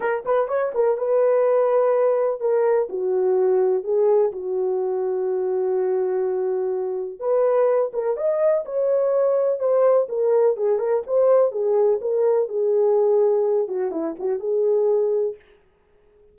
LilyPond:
\new Staff \with { instrumentName = "horn" } { \time 4/4 \tempo 4 = 125 ais'8 b'8 cis''8 ais'8 b'2~ | b'4 ais'4 fis'2 | gis'4 fis'2.~ | fis'2. b'4~ |
b'8 ais'8 dis''4 cis''2 | c''4 ais'4 gis'8 ais'8 c''4 | gis'4 ais'4 gis'2~ | gis'8 fis'8 e'8 fis'8 gis'2 | }